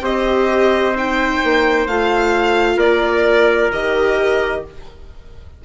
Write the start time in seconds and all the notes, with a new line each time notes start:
0.00 C4 G4 C5 D#5
0.96 D#4 G5
1.43 A#3
1.87 A3 F4 F5
2.76 A#3 A#4 D5
3.71 D#3 G4 D#5